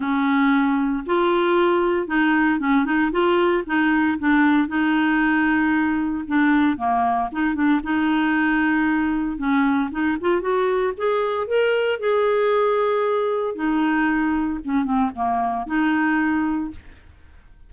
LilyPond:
\new Staff \with { instrumentName = "clarinet" } { \time 4/4 \tempo 4 = 115 cis'2 f'2 | dis'4 cis'8 dis'8 f'4 dis'4 | d'4 dis'2. | d'4 ais4 dis'8 d'8 dis'4~ |
dis'2 cis'4 dis'8 f'8 | fis'4 gis'4 ais'4 gis'4~ | gis'2 dis'2 | cis'8 c'8 ais4 dis'2 | }